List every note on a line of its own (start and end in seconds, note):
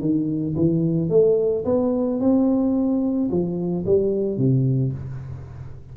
0.00 0.55 D#3
0.56 1.10 E3
1.10 1.65 A3
1.65 2.20 B3
2.20 3.30 C4
3.31 3.86 F3
3.86 4.37 G3
4.37 4.92 C3